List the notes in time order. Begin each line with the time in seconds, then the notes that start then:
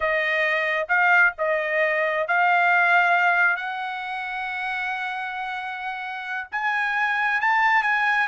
0.00 D#5
0.88 F5
1.38 D#5
2.27 F5
3.56 F#5
6.51 G#5
7.40 A5
7.82 G#5